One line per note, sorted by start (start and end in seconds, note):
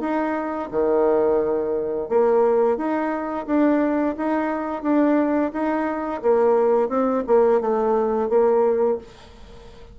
0.00 0.69 D#4
0.71 2.08 D#3
2.08 2.77 A#3
2.77 3.46 D#4
3.46 4.15 D4
4.17 4.82 D#4
4.82 5.51 D4
5.53 6.22 D#4
6.22 6.89 A#3
6.89 7.23 C4
7.27 7.61 A#3
7.61 8.29 A3
8.29 8.98 A#3